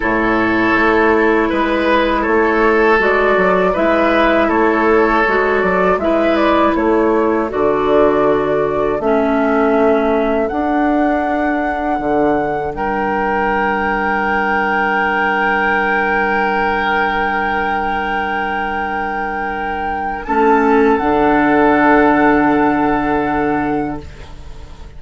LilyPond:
<<
  \new Staff \with { instrumentName = "flute" } { \time 4/4 \tempo 4 = 80 cis''2 b'4 cis''4 | d''4 e''4 cis''4. d''8 | e''8 d''8 cis''4 d''2 | e''2 fis''2~ |
fis''4 g''2.~ | g''1~ | g''2. a''4 | fis''1 | }
  \new Staff \with { instrumentName = "oboe" } { \time 4/4 a'2 b'4 a'4~ | a'4 b'4 a'2 | b'4 a'2.~ | a'1~ |
a'4 ais'2.~ | ais'1~ | ais'2. a'4~ | a'1 | }
  \new Staff \with { instrumentName = "clarinet" } { \time 4/4 e'1 | fis'4 e'2 fis'4 | e'2 fis'2 | cis'2 d'2~ |
d'1~ | d'1~ | d'2. cis'4 | d'1 | }
  \new Staff \with { instrumentName = "bassoon" } { \time 4/4 a,4 a4 gis4 a4 | gis8 fis8 gis4 a4 gis8 fis8 | gis4 a4 d2 | a2 d'2 |
d4 g2.~ | g1~ | g2. a4 | d1 | }
>>